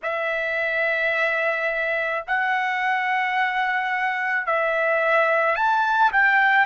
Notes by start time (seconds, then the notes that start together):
0.03 E5
2.27 F#5
4.46 E5
5.55 A5
6.12 G5